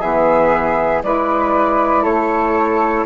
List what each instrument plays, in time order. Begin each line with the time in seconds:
0.00 bassoon E3, saxophone B3, flute G#4 E5
1.03 bassoon G#3, saxophone E4, flute B4 D5
2.02 bassoon A3, flute A4 C#5